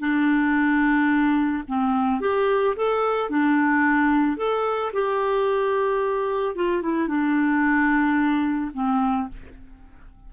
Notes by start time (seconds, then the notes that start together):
0.00 D4
1.68 C4
2.21 G4
2.76 A4
3.30 D4
4.37 A4
4.93 G4
6.56 F4
6.82 E4
7.08 D4
8.74 C4